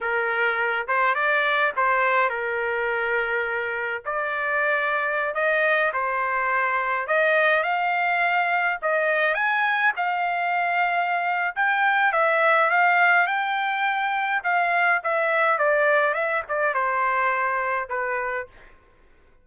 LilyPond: \new Staff \with { instrumentName = "trumpet" } { \time 4/4 \tempo 4 = 104 ais'4. c''8 d''4 c''4 | ais'2. d''4~ | d''4~ d''16 dis''4 c''4.~ c''16~ | c''16 dis''4 f''2 dis''8.~ |
dis''16 gis''4 f''2~ f''8. | g''4 e''4 f''4 g''4~ | g''4 f''4 e''4 d''4 | e''8 d''8 c''2 b'4 | }